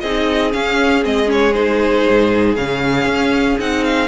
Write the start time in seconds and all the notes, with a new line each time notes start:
0.00 C4 D#4 G#4 D#5
0.52 C#4 F5
1.03 G#3 C4 D#5
1.25 C#4
1.31 C#5
1.53 D#4 C5
2.09 G#2
2.56 C#3 C#4 F5
3.05 C#4
3.59 C4 D#4 F#5
3.84 F5